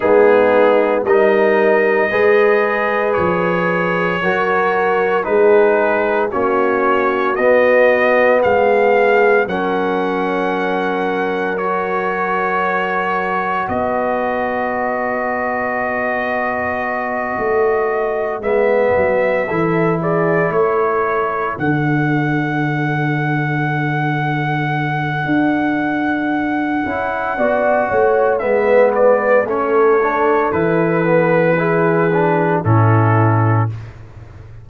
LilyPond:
<<
  \new Staff \with { instrumentName = "trumpet" } { \time 4/4 \tempo 4 = 57 gis'4 dis''2 cis''4~ | cis''4 b'4 cis''4 dis''4 | f''4 fis''2 cis''4~ | cis''4 dis''2.~ |
dis''4. e''4. d''8 cis''8~ | cis''8 fis''2.~ fis''8~ | fis''2. e''8 d''8 | cis''4 b'2 a'4 | }
  \new Staff \with { instrumentName = "horn" } { \time 4/4 dis'4 ais'4 b'2 | ais'4 gis'4 fis'2 | gis'4 ais'2.~ | ais'4 b'2.~ |
b'2~ b'8 a'8 gis'8 a'8~ | a'1~ | a'2 d''8 cis''8 b'4 | a'2 gis'4 e'4 | }
  \new Staff \with { instrumentName = "trombone" } { \time 4/4 b4 dis'4 gis'2 | fis'4 dis'4 cis'4 b4~ | b4 cis'2 fis'4~ | fis'1~ |
fis'4. b4 e'4.~ | e'8 d'2.~ d'8~ | d'4. e'8 fis'4 b4 | cis'8 d'8 e'8 b8 e'8 d'8 cis'4 | }
  \new Staff \with { instrumentName = "tuba" } { \time 4/4 gis4 g4 gis4 f4 | fis4 gis4 ais4 b4 | gis4 fis2.~ | fis4 b2.~ |
b8 a4 gis8 fis8 e4 a8~ | a8 d2.~ d8 | d'4. cis'8 b8 a8 gis4 | a4 e2 a,4 | }
>>